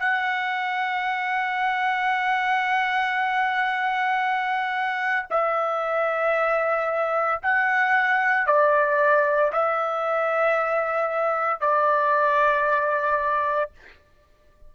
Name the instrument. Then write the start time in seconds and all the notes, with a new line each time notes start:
trumpet
0.00 F#5
5.31 E5
7.43 F#5
8.47 D5
9.53 E5
11.61 D5